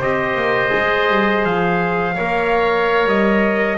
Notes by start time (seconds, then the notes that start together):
0.00 C4 G4 C5 D#5
0.36 A#3
0.70 G#3 G#4
1.09 G3
1.45 F3 F5
2.16 A#3 A#4 C#5
3.06 G3 D#5